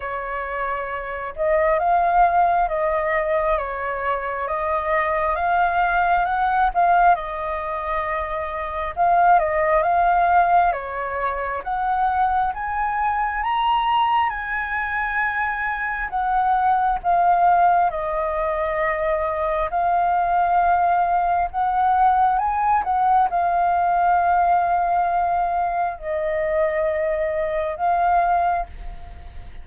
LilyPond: \new Staff \with { instrumentName = "flute" } { \time 4/4 \tempo 4 = 67 cis''4. dis''8 f''4 dis''4 | cis''4 dis''4 f''4 fis''8 f''8 | dis''2 f''8 dis''8 f''4 | cis''4 fis''4 gis''4 ais''4 |
gis''2 fis''4 f''4 | dis''2 f''2 | fis''4 gis''8 fis''8 f''2~ | f''4 dis''2 f''4 | }